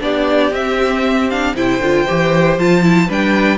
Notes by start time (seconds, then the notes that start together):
0.00 B3 D4 G4 D5
0.52 C4 E5
1.30 D4 F5
1.55 C3 E4 C5 G5
1.80 D3 F4
2.07 E3 G4
2.58 F3 F4 A5
2.83 E4
3.07 G3 D4 B4 G5